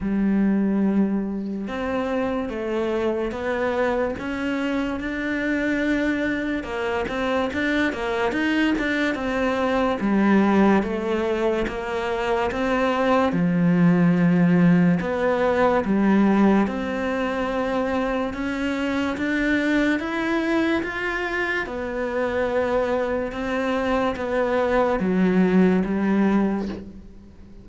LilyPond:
\new Staff \with { instrumentName = "cello" } { \time 4/4 \tempo 4 = 72 g2 c'4 a4 | b4 cis'4 d'2 | ais8 c'8 d'8 ais8 dis'8 d'8 c'4 | g4 a4 ais4 c'4 |
f2 b4 g4 | c'2 cis'4 d'4 | e'4 f'4 b2 | c'4 b4 fis4 g4 | }